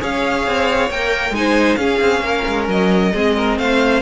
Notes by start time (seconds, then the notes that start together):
0.00 C#4 G#4 C#5 F5
0.47 C4
0.90 A#3 A#4 G5
1.31 G#3 D#4 G#5
1.38 C5
1.76 C#4 G#4 F5
2.01 C4
2.21 A#3 A#4
2.48 G#3
2.68 F#3 D#5
3.13 G#3 C4 G#4
3.36 A#4
3.58 A3 C5 F5